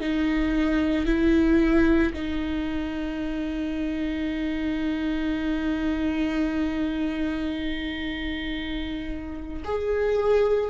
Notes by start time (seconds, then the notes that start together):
0.00 D#4
1.06 E4
2.13 D#4
9.64 G#4